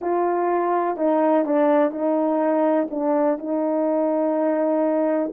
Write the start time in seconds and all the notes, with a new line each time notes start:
0.01 F4
0.97 D#4
1.45 D4
1.91 D#4
2.90 D4
3.38 D#4